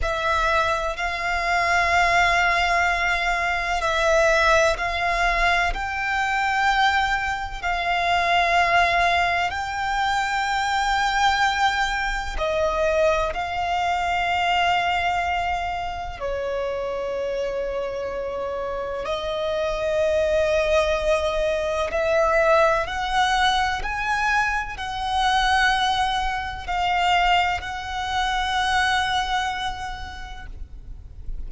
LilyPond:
\new Staff \with { instrumentName = "violin" } { \time 4/4 \tempo 4 = 63 e''4 f''2. | e''4 f''4 g''2 | f''2 g''2~ | g''4 dis''4 f''2~ |
f''4 cis''2. | dis''2. e''4 | fis''4 gis''4 fis''2 | f''4 fis''2. | }